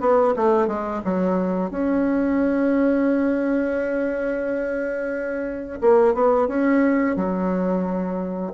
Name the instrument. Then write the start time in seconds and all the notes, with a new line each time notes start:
bassoon
0.00 B3
0.36 A3
0.67 G#3
1.04 F#3
1.70 C#4
5.81 A#3
6.14 B3
6.48 C#4
7.16 F#3